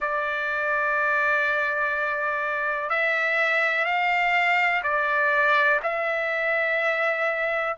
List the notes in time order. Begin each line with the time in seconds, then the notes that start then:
0.00 D5
2.89 E5
3.85 F5
4.83 D5
5.82 E5